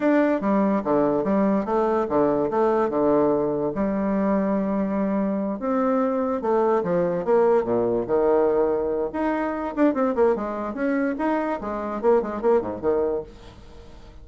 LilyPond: \new Staff \with { instrumentName = "bassoon" } { \time 4/4 \tempo 4 = 145 d'4 g4 d4 g4 | a4 d4 a4 d4~ | d4 g2.~ | g4. c'2 a8~ |
a8 f4 ais4 ais,4 dis8~ | dis2 dis'4. d'8 | c'8 ais8 gis4 cis'4 dis'4 | gis4 ais8 gis8 ais8 gis,8 dis4 | }